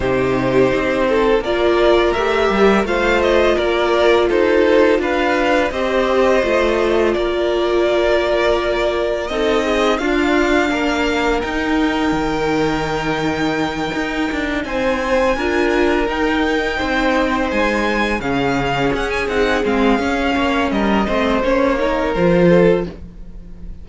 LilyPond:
<<
  \new Staff \with { instrumentName = "violin" } { \time 4/4 \tempo 4 = 84 c''2 d''4 e''4 | f''8 dis''8 d''4 c''4 f''4 | dis''2 d''2~ | d''4 dis''4 f''2 |
g''1~ | g''8 gis''2 g''4.~ | g''8 gis''4 f''4 fis''16 gis''16 fis''8 f''8~ | f''4 dis''4 cis''4 c''4 | }
  \new Staff \with { instrumentName = "violin" } { \time 4/4 g'4. a'8 ais'2 | c''4 ais'4 a'4 b'4 | c''2 ais'2~ | ais'4 a'8 gis'8 f'4 ais'4~ |
ais'1~ | ais'8 c''4 ais'2 c''8~ | c''4. gis'2~ gis'8~ | gis'8 cis''8 ais'8 c''4 ais'4 a'8 | }
  \new Staff \with { instrumentName = "viola" } { \time 4/4 dis'2 f'4 g'4 | f'1 | g'4 f'2.~ | f'4 dis'4 d'2 |
dis'1~ | dis'4. f'4 dis'4.~ | dis'4. cis'4. dis'8 c'8 | cis'4. c'8 cis'8 dis'8 f'4 | }
  \new Staff \with { instrumentName = "cello" } { \time 4/4 c4 c'4 ais4 a8 g8 | a4 ais4 dis'4 d'4 | c'4 a4 ais2~ | ais4 c'4 d'4 ais4 |
dis'4 dis2~ dis8 dis'8 | d'8 c'4 d'4 dis'4 c'8~ | c'8 gis4 cis4 cis'8 c'8 gis8 | cis'8 ais8 g8 a8 ais4 f4 | }
>>